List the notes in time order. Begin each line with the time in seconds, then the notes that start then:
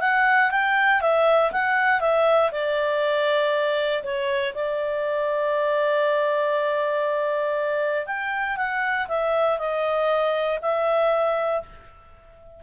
0.00 F#5
0.50 G5
1.01 E5
1.51 F#5
2.00 E5
2.51 D5
4.03 C#5
4.54 D5
8.06 G5
8.56 F#5
9.08 E5
9.58 D#5
10.61 E5